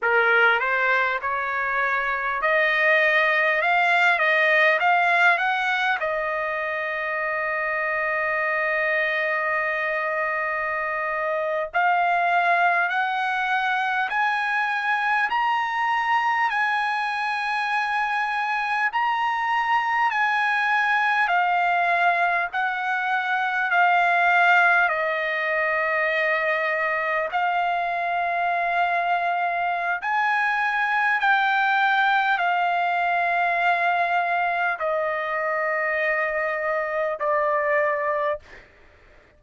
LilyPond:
\new Staff \with { instrumentName = "trumpet" } { \time 4/4 \tempo 4 = 50 ais'8 c''8 cis''4 dis''4 f''8 dis''8 | f''8 fis''8 dis''2.~ | dis''4.~ dis''16 f''4 fis''4 gis''16~ | gis''8. ais''4 gis''2 ais''16~ |
ais''8. gis''4 f''4 fis''4 f''16~ | f''8. dis''2 f''4~ f''16~ | f''4 gis''4 g''4 f''4~ | f''4 dis''2 d''4 | }